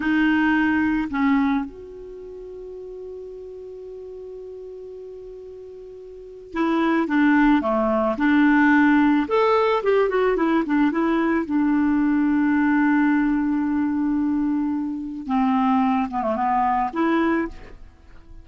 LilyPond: \new Staff \with { instrumentName = "clarinet" } { \time 4/4 \tempo 4 = 110 dis'2 cis'4 fis'4~ | fis'1~ | fis'1 | e'4 d'4 a4 d'4~ |
d'4 a'4 g'8 fis'8 e'8 d'8 | e'4 d'2.~ | d'1 | c'4. b16 a16 b4 e'4 | }